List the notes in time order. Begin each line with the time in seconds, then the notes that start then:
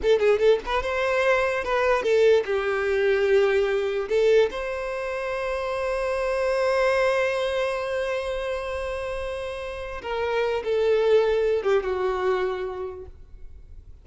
0.02 A4
0.19 G#4
0.39 A4
0.65 B4
0.82 C5
1.64 B4
2.02 A4
2.45 G4
4.08 A4
4.50 C5
10.01 A#4
10.63 A4
11.62 G4
11.83 F#4